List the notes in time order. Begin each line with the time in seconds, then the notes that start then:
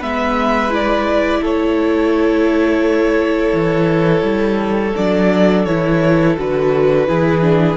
0.00 G#3 B3 B4 E5
0.71 E4 D5
1.42 A3 A4 C#5
3.54 E3
4.23 G3
4.96 F#3 D4 D5
5.65 E3 E4 C#5
6.38 D3 F#4 B4
7.08 E3 E4 G#4
7.42 D4